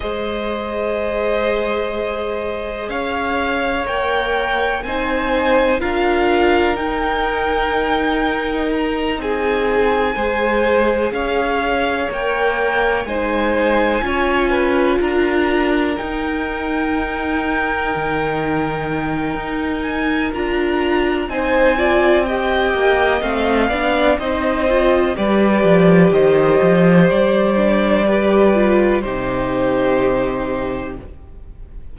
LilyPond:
<<
  \new Staff \with { instrumentName = "violin" } { \time 4/4 \tempo 4 = 62 dis''2. f''4 | g''4 gis''4 f''4 g''4~ | g''4 ais''8 gis''2 f''8~ | f''8 g''4 gis''2 ais''8~ |
ais''8 g''2.~ g''8~ | g''8 gis''8 ais''4 gis''4 g''4 | f''4 dis''4 d''4 dis''4 | d''2 c''2 | }
  \new Staff \with { instrumentName = "violin" } { \time 4/4 c''2. cis''4~ | cis''4 c''4 ais'2~ | ais'4. gis'4 c''4 cis''8~ | cis''4. c''4 cis''8 b'8 ais'8~ |
ais'1~ | ais'2 c''8 d''8 dis''4~ | dis''8 d''8 c''4 b'4 c''4~ | c''4 b'4 g'2 | }
  \new Staff \with { instrumentName = "viola" } { \time 4/4 gis'1 | ais'4 dis'4 f'4 dis'4~ | dis'2~ dis'8 gis'4.~ | gis'8 ais'4 dis'4 f'4.~ |
f'8 dis'2.~ dis'8~ | dis'4 f'4 dis'8 f'8 g'4 | c'8 d'8 dis'8 f'8 g'2~ | g'8 d'8 g'8 f'8 dis'2 | }
  \new Staff \with { instrumentName = "cello" } { \time 4/4 gis2. cis'4 | ais4 c'4 d'4 dis'4~ | dis'4. c'4 gis4 cis'8~ | cis'8 ais4 gis4 cis'4 d'8~ |
d'8 dis'2 dis4. | dis'4 d'4 c'4. ais8 | a8 b8 c'4 g8 f8 dis8 f8 | g2 c2 | }
>>